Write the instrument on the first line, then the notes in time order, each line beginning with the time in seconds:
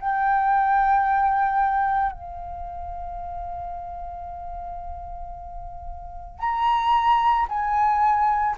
flute
0.00 G5
2.12 F5
6.39 A#5
7.50 G#5